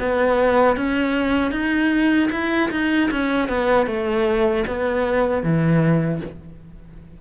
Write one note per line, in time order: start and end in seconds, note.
0.00 0.77 B3
0.77 1.52 C#4
1.52 2.30 D#4
2.32 2.71 E4
2.71 3.10 D#4
3.11 3.49 C#4
3.49 3.87 B3
3.87 4.65 A3
4.67 5.43 B3
5.43 6.21 E3